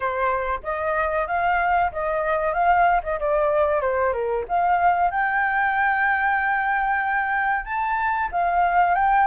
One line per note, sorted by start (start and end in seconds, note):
0.00 0.60 C5
0.63 1.27 D#5
1.27 1.91 F5
1.91 2.53 D#5
2.53 3.01 F5
3.03 3.19 D#5
3.19 3.81 D5
3.81 4.12 C5
4.12 4.44 A#4
4.48 5.11 F5
5.11 7.65 G5
7.65 8.28 A5
8.32 8.94 F5
8.94 9.26 G5